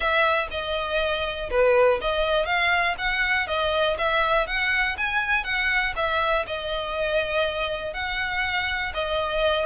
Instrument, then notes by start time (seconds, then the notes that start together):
violin
0.00 E5
0.50 D#5
1.50 B4
2.01 D#5
2.45 F5
2.98 F#5
3.47 D#5
3.98 E5
4.47 F#5
4.97 G#5
5.44 F#5
5.95 E5
6.46 D#5
7.93 F#5
8.94 D#5